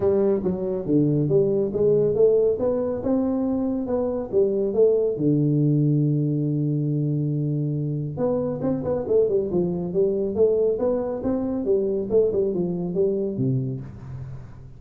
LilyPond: \new Staff \with { instrumentName = "tuba" } { \time 4/4 \tempo 4 = 139 g4 fis4 d4 g4 | gis4 a4 b4 c'4~ | c'4 b4 g4 a4 | d1~ |
d2. b4 | c'8 b8 a8 g8 f4 g4 | a4 b4 c'4 g4 | a8 g8 f4 g4 c4 | }